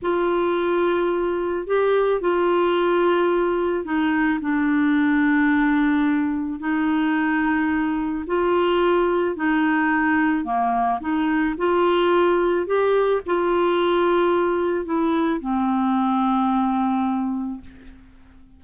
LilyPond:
\new Staff \with { instrumentName = "clarinet" } { \time 4/4 \tempo 4 = 109 f'2. g'4 | f'2. dis'4 | d'1 | dis'2. f'4~ |
f'4 dis'2 ais4 | dis'4 f'2 g'4 | f'2. e'4 | c'1 | }